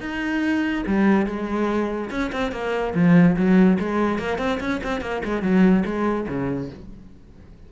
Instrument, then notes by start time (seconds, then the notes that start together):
cello
0.00 D#4
0.86 G3
1.26 G#3
2.10 C#4
2.32 C4
2.52 A#3
2.94 F3
3.36 F#3
3.79 G#3
4.18 A#3
4.38 C4
4.60 C#4
4.83 C4
5.01 A#3
5.24 G#3
5.42 F#3
5.85 G#3
6.28 C#3